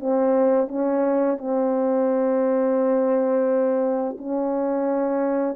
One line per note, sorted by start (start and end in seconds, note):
0.00 0.68 C4
0.68 1.38 C#4
1.38 4.17 C4
4.18 5.56 C#4